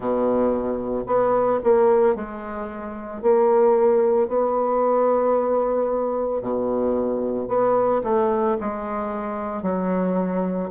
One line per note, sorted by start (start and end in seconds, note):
0.00 1.04 B2
1.06 1.59 B3
1.63 2.15 A#3
2.15 3.21 G#3
3.21 4.28 A#3
4.28 6.41 B3
6.41 7.48 B2
7.48 8.01 B3
8.03 8.57 A3
8.60 9.62 G#3
9.62 10.69 F#3